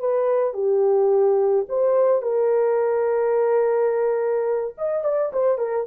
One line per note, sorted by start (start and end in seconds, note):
0.00 0.54 B4
0.54 1.66 G4
1.69 2.23 C5
2.23 4.75 A#4
4.78 5.04 D#5
5.04 5.32 D5
5.33 5.58 C5
5.58 5.86 A#4